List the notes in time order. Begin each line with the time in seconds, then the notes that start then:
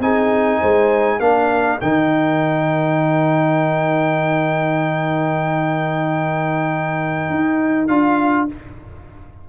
0.00 C4 D#4 G#4 G#5
0.61 G#3 C5
1.19 A#3 D4 A#4 F5
1.81 D#3 D#4 G5
7.30 D#4
7.88 D4 F4 F5